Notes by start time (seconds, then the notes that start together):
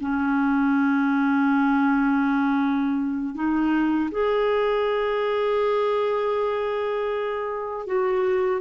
0.00 C#4
3.34 D#4
4.11 G#4
7.86 F#4